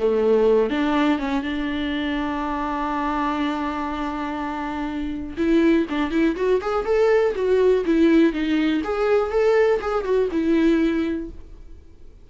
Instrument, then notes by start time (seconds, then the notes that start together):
viola
0.00 A3
0.71 D4
1.19 C#4
1.44 D4
5.38 E4
5.90 D4
6.11 E4
6.37 F#4
6.62 G#4
6.86 A4
7.36 F#4
7.86 E4
8.33 D#4
8.84 G#4
9.31 A4
9.82 G#4
10.05 F#4
10.32 E4